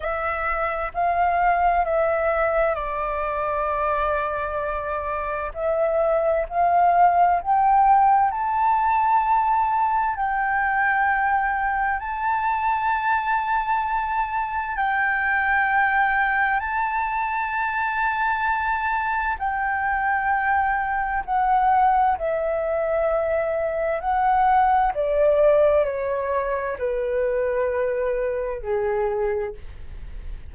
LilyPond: \new Staff \with { instrumentName = "flute" } { \time 4/4 \tempo 4 = 65 e''4 f''4 e''4 d''4~ | d''2 e''4 f''4 | g''4 a''2 g''4~ | g''4 a''2. |
g''2 a''2~ | a''4 g''2 fis''4 | e''2 fis''4 d''4 | cis''4 b'2 gis'4 | }